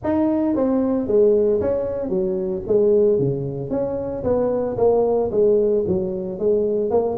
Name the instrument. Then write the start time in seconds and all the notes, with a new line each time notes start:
tuba
0.03 D#4
0.55 C4
1.07 G#3
1.60 C#4
2.09 F#3
2.67 G#3
3.19 C#3
3.70 C#4
4.23 B3
4.77 A#3
5.31 G#3
5.87 F#3
6.38 G#3
6.90 A#3